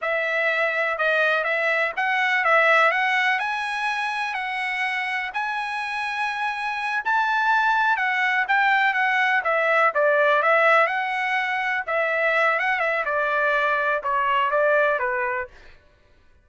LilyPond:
\new Staff \with { instrumentName = "trumpet" } { \time 4/4 \tempo 4 = 124 e''2 dis''4 e''4 | fis''4 e''4 fis''4 gis''4~ | gis''4 fis''2 gis''4~ | gis''2~ gis''8 a''4.~ |
a''8 fis''4 g''4 fis''4 e''8~ | e''8 d''4 e''4 fis''4.~ | fis''8 e''4. fis''8 e''8 d''4~ | d''4 cis''4 d''4 b'4 | }